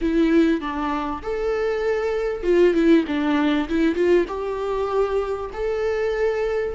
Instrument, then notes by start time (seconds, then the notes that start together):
viola
0.01 E4
0.60 D4
1.22 A4
2.43 F4
2.74 E4
3.07 D4
3.68 E4
3.95 F4
4.27 G4
5.53 A4